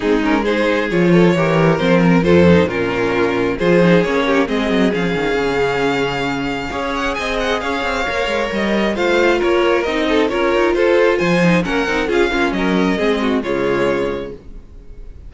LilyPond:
<<
  \new Staff \with { instrumentName = "violin" } { \time 4/4 \tempo 4 = 134 gis'8 ais'8 c''4 cis''2 | c''8 ais'8 c''4 ais'2 | c''4 cis''4 dis''4 f''4~ | f''2.~ f''8 fis''8 |
gis''8 fis''8 f''2 dis''4 | f''4 cis''4 dis''4 cis''4 | c''4 gis''4 fis''4 f''4 | dis''2 cis''2 | }
  \new Staff \with { instrumentName = "violin" } { \time 4/4 dis'4 gis'4. a'8 ais'4~ | ais'4 a'4 f'2 | gis'4. g'8 gis'2~ | gis'2. cis''4 |
dis''4 cis''2. | c''4 ais'4. a'8 ais'4 | a'4 c''4 ais'4 gis'8 f'8 | ais'4 gis'8 fis'8 f'2 | }
  \new Staff \with { instrumentName = "viola" } { \time 4/4 c'8 cis'8 dis'4 f'4 g'4 | c'4 f'8 dis'8 cis'2 | f'8 dis'8 cis'4 c'4 cis'4~ | cis'2. gis'4~ |
gis'2 ais'2 | f'2 dis'4 f'4~ | f'4. dis'8 cis'8 dis'8 f'8 cis'8~ | cis'4 c'4 gis2 | }
  \new Staff \with { instrumentName = "cello" } { \time 4/4 gis2 f4 e4 | f4 f,4 ais,2 | f4 ais4 gis8 fis8 f8 dis8 | cis2. cis'4 |
c'4 cis'8 c'8 ais8 gis8 g4 | a4 ais4 c'4 cis'8 dis'8 | f'4 f4 ais8 c'8 cis'8 ais8 | fis4 gis4 cis2 | }
>>